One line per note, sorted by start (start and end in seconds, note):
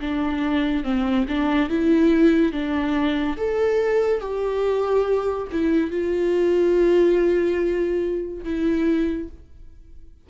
0.00 0.84 D4
0.84 1.26 C4
1.28 1.69 D4
1.69 2.52 E4
2.52 3.36 D4
3.37 4.21 A4
4.21 5.47 G4
5.52 5.91 E4
5.91 8.44 F4
8.44 9.29 E4